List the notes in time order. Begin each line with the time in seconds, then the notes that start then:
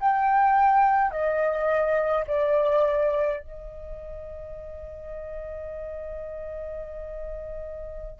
0.00 G5
1.11 D#5
2.26 D5
3.40 D#5